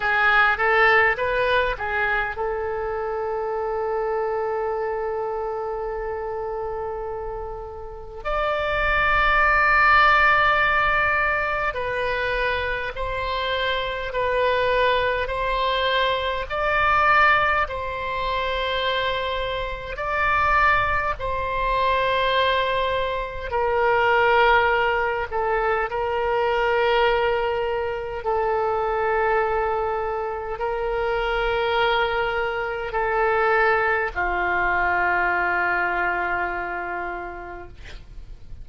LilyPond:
\new Staff \with { instrumentName = "oboe" } { \time 4/4 \tempo 4 = 51 gis'8 a'8 b'8 gis'8 a'2~ | a'2. d''4~ | d''2 b'4 c''4 | b'4 c''4 d''4 c''4~ |
c''4 d''4 c''2 | ais'4. a'8 ais'2 | a'2 ais'2 | a'4 f'2. | }